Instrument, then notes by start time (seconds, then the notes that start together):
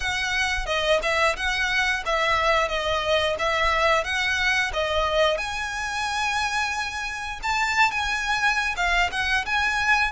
violin
0.00 F#5
0.66 D#5
1.02 E5
1.36 F#5
2.05 E5
2.68 D#5
3.39 E5
4.04 F#5
4.73 D#5
5.37 G#5
7.42 A5
7.91 G#5
8.76 F5
9.11 F#5
9.45 G#5